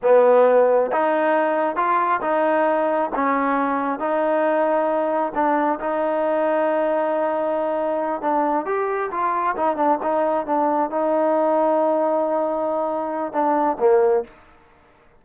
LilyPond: \new Staff \with { instrumentName = "trombone" } { \time 4/4 \tempo 4 = 135 b2 dis'2 | f'4 dis'2 cis'4~ | cis'4 dis'2. | d'4 dis'2.~ |
dis'2~ dis'8 d'4 g'8~ | g'8 f'4 dis'8 d'8 dis'4 d'8~ | d'8 dis'2.~ dis'8~ | dis'2 d'4 ais4 | }